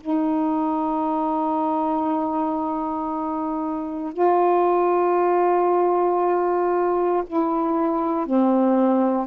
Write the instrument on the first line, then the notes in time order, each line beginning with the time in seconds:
saxophone
0.00 D#4
4.13 F4
7.26 E4
8.26 C4